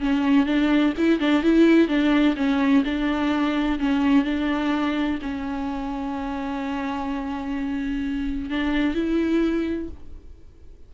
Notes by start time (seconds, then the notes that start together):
0.00 C#4
0.46 D4
0.97 E4
1.20 D4
1.43 E4
1.88 D4
2.36 C#4
2.84 D4
3.79 C#4
4.24 D4
5.22 C#4
8.50 D4
8.94 E4